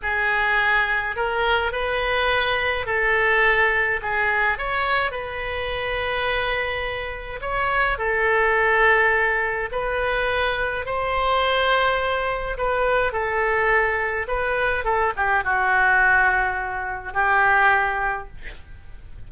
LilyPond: \new Staff \with { instrumentName = "oboe" } { \time 4/4 \tempo 4 = 105 gis'2 ais'4 b'4~ | b'4 a'2 gis'4 | cis''4 b'2.~ | b'4 cis''4 a'2~ |
a'4 b'2 c''4~ | c''2 b'4 a'4~ | a'4 b'4 a'8 g'8 fis'4~ | fis'2 g'2 | }